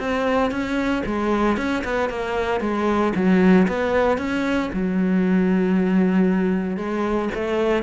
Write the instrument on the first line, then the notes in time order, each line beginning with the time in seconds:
cello
0.00 C4
0.51 C#4
1.06 G#3
1.58 C#4
1.85 B3
2.10 A#3
2.61 G#3
3.16 F#3
3.68 B3
4.18 C#4
4.74 F#3
6.77 G#3
7.35 A3